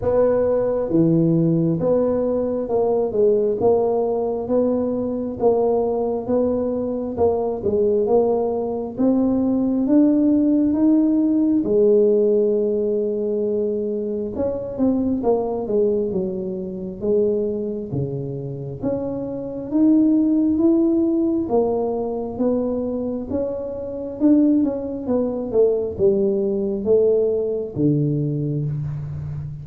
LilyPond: \new Staff \with { instrumentName = "tuba" } { \time 4/4 \tempo 4 = 67 b4 e4 b4 ais8 gis8 | ais4 b4 ais4 b4 | ais8 gis8 ais4 c'4 d'4 | dis'4 gis2. |
cis'8 c'8 ais8 gis8 fis4 gis4 | cis4 cis'4 dis'4 e'4 | ais4 b4 cis'4 d'8 cis'8 | b8 a8 g4 a4 d4 | }